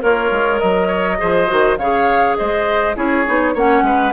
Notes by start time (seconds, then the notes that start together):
0.00 A#3 F4 A#4 C#5
0.32 G#3
0.60 F#3 A#4 D#5
0.88 C#5
1.18 F3 G#4 C5
1.47 D#3 F#4
1.78 C#3 G#4 C#5 F5
2.37 G#3 C5 D#5
2.96 C#4 E4 G#4 C#5
3.26 B3 D#4
3.54 A#3 C#4 C#5 F#5
3.83 G#3 B4